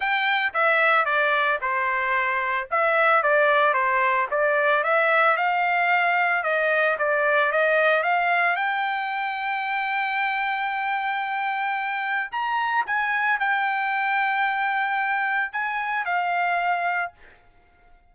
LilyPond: \new Staff \with { instrumentName = "trumpet" } { \time 4/4 \tempo 4 = 112 g''4 e''4 d''4 c''4~ | c''4 e''4 d''4 c''4 | d''4 e''4 f''2 | dis''4 d''4 dis''4 f''4 |
g''1~ | g''2. ais''4 | gis''4 g''2.~ | g''4 gis''4 f''2 | }